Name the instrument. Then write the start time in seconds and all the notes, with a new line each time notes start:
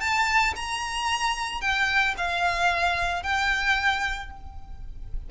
violin
0.00 A5
0.56 A#5
1.61 G5
2.17 F5
3.22 G5